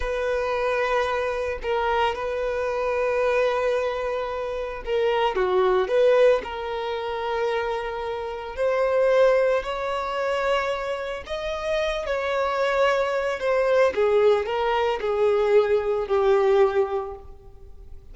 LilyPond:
\new Staff \with { instrumentName = "violin" } { \time 4/4 \tempo 4 = 112 b'2. ais'4 | b'1~ | b'4 ais'4 fis'4 b'4 | ais'1 |
c''2 cis''2~ | cis''4 dis''4. cis''4.~ | cis''4 c''4 gis'4 ais'4 | gis'2 g'2 | }